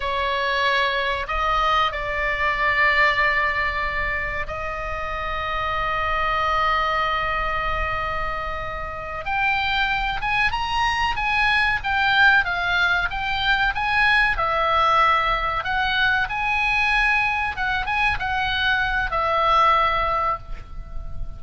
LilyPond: \new Staff \with { instrumentName = "oboe" } { \time 4/4 \tempo 4 = 94 cis''2 dis''4 d''4~ | d''2. dis''4~ | dis''1~ | dis''2~ dis''8 g''4. |
gis''8 ais''4 gis''4 g''4 f''8~ | f''8 g''4 gis''4 e''4.~ | e''8 fis''4 gis''2 fis''8 | gis''8 fis''4. e''2 | }